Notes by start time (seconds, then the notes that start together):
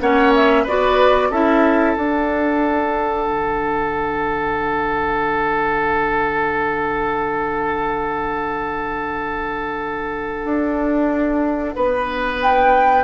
0.00 A#3 C#4 C#5 F#5
0.34 E5
0.63 B3 F#4 B4 D5
1.30 C#4 E4 A4 E5
1.95 D4 F#5
3.26 D3
10.44 D4
11.75 B3 B4
12.42 G5